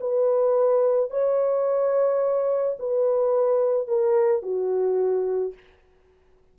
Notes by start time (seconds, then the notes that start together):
0.00 B4
1.10 C#5
2.79 B4
3.87 A#4
4.42 F#4